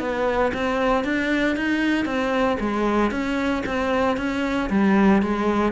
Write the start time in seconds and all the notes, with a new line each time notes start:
0.00 B3
0.54 C4
1.04 D4
1.57 D#4
2.06 C4
2.60 G#3
3.11 C#4
3.66 C4
4.17 C#4
4.70 G3
5.22 G#3